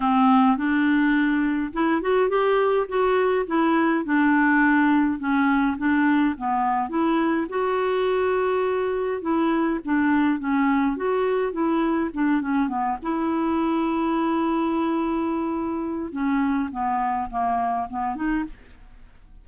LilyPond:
\new Staff \with { instrumentName = "clarinet" } { \time 4/4 \tempo 4 = 104 c'4 d'2 e'8 fis'8 | g'4 fis'4 e'4 d'4~ | d'4 cis'4 d'4 b4 | e'4 fis'2. |
e'4 d'4 cis'4 fis'4 | e'4 d'8 cis'8 b8 e'4.~ | e'1 | cis'4 b4 ais4 b8 dis'8 | }